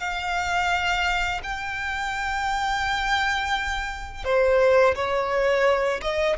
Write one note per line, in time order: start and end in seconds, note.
0.00 1.41 F5
1.43 4.24 G5
4.24 4.95 C5
4.95 6.01 C#5
6.02 6.37 D#5